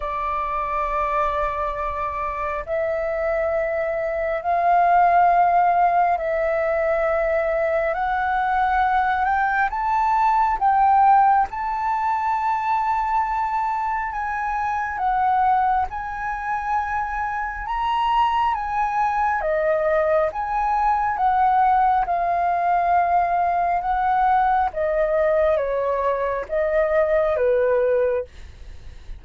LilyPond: \new Staff \with { instrumentName = "flute" } { \time 4/4 \tempo 4 = 68 d''2. e''4~ | e''4 f''2 e''4~ | e''4 fis''4. g''8 a''4 | g''4 a''2. |
gis''4 fis''4 gis''2 | ais''4 gis''4 dis''4 gis''4 | fis''4 f''2 fis''4 | dis''4 cis''4 dis''4 b'4 | }